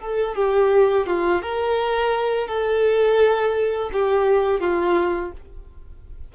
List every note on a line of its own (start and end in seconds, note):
0.00 0.36 A4
0.36 1.07 G4
1.07 1.43 F4
1.43 2.48 A#4
2.48 3.91 A4
3.93 4.60 G4
4.60 5.32 F4